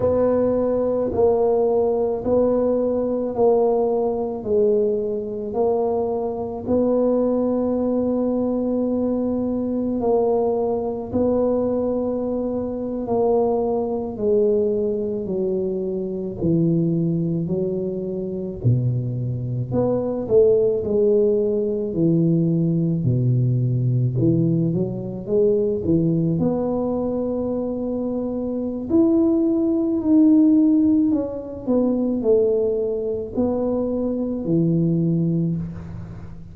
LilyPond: \new Staff \with { instrumentName = "tuba" } { \time 4/4 \tempo 4 = 54 b4 ais4 b4 ais4 | gis4 ais4 b2~ | b4 ais4 b4.~ b16 ais16~ | ais8. gis4 fis4 e4 fis16~ |
fis8. b,4 b8 a8 gis4 e16~ | e8. b,4 e8 fis8 gis8 e8 b16~ | b2 e'4 dis'4 | cis'8 b8 a4 b4 e4 | }